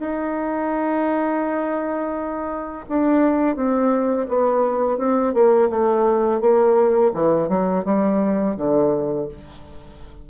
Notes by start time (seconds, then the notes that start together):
0.00 D#4
2.90 D4
3.56 C4
4.29 B3
4.98 C4
5.34 A#3
5.70 A3
6.41 A#3
7.14 E3
7.49 F#3
7.85 G3
8.57 D3